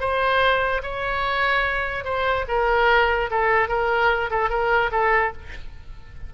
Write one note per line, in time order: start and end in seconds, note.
0.00 0.82 C5
0.83 2.04 C#5
2.04 2.45 C5
2.48 3.30 A#4
3.30 3.68 A4
3.68 4.30 A#4
4.30 4.50 A4
4.50 4.91 A#4
4.91 5.32 A4